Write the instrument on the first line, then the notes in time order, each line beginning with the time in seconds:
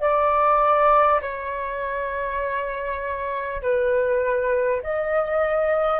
flute
0.00 D5
1.22 C#5
3.62 B4
4.83 D#5